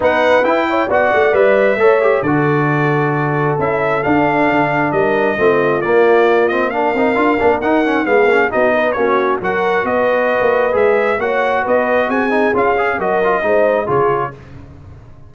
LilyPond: <<
  \new Staff \with { instrumentName = "trumpet" } { \time 4/4 \tempo 4 = 134 fis''4 g''4 fis''4 e''4~ | e''4 d''2. | e''4 f''2 dis''4~ | dis''4 d''4. dis''8 f''4~ |
f''4 fis''4 f''4 dis''4 | cis''4 fis''4 dis''2 | e''4 fis''4 dis''4 gis''4 | f''4 dis''2 cis''4 | }
  \new Staff \with { instrumentName = "horn" } { \time 4/4 b'4. cis''8 d''2 | cis''4 a'2.~ | a'2. ais'4 | f'2. ais'4~ |
ais'2 gis'4 fis'8 b'8 | fis'4 ais'4 b'2~ | b'4 cis''4 b'4 gis'4~ | gis'4 ais'4 c''4 gis'4 | }
  \new Staff \with { instrumentName = "trombone" } { \time 4/4 dis'4 e'4 fis'4 b'4 | a'8 g'8 fis'2. | e'4 d'2. | c'4 ais4. c'8 d'8 dis'8 |
f'8 d'8 dis'8 cis'8 b8 cis'8 dis'4 | cis'4 fis'2. | gis'4 fis'2~ fis'8 dis'8 | f'8 gis'8 fis'8 f'8 dis'4 f'4 | }
  \new Staff \with { instrumentName = "tuba" } { \time 4/4 b4 e'4 b8 a8 g4 | a4 d2. | cis'4 d'4 d4 g4 | a4 ais2~ ais8 c'8 |
d'8 ais8 dis'4 gis8 ais8 b4 | ais4 fis4 b4~ b16 ais8. | gis4 ais4 b4 c'4 | cis'4 fis4 gis4 cis4 | }
>>